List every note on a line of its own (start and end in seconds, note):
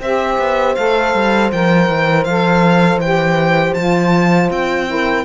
0.00 0.38 C4
0.00 0.76 G4
0.00 4.88 C5
0.00 0.75 E5
0.38 0.76 B3
0.75 1.14 A3
0.75 1.51 A4
0.75 1.50 F5
1.14 1.51 G3
1.52 1.89 F3
1.52 2.27 A#4
1.52 2.24 G5
1.89 2.25 E3
2.24 2.96 F3
2.24 3.02 A4
2.24 2.99 F5
2.96 3.71 E3
2.96 3.74 G5
3.03 3.77 G4
3.74 4.50 F3
3.74 4.86 F4
3.74 4.49 A5
4.50 5.25 C4
4.50 5.25 G5
4.86 5.24 E4
4.86 5.25 A#4